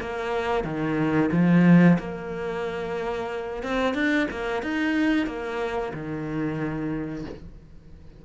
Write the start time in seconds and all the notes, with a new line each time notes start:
0.00 A#3
0.64 D#3
1.32 F3
1.98 A#3
3.63 C4
3.94 D4
4.31 A#3
4.62 D#4
5.27 A#3
5.93 D#3